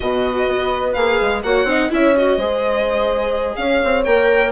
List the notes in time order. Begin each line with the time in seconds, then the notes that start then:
0.00 B2 F#4 B4 D#5
0.48 B3
0.93 A#3 G#4 F5
1.21 G#3
1.43 A#3 F#4 C#5 F#5
1.64 C4 D#4 D#5
1.90 C#4 E4 C#5 E5
2.16 F#4 D#5
2.37 G#3 G#4 C5
3.55 C#4 C#5 F5
3.84 C4
4.04 A#3 A#4 G5